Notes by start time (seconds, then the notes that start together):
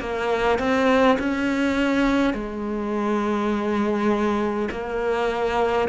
0.00 A#3
0.58 C4
1.18 C#4
2.33 G#3
4.71 A#3